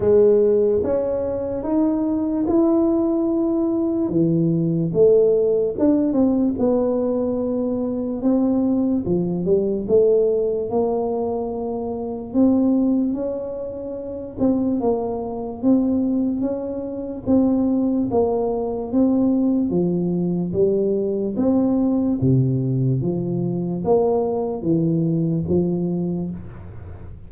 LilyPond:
\new Staff \with { instrumentName = "tuba" } { \time 4/4 \tempo 4 = 73 gis4 cis'4 dis'4 e'4~ | e'4 e4 a4 d'8 c'8 | b2 c'4 f8 g8 | a4 ais2 c'4 |
cis'4. c'8 ais4 c'4 | cis'4 c'4 ais4 c'4 | f4 g4 c'4 c4 | f4 ais4 e4 f4 | }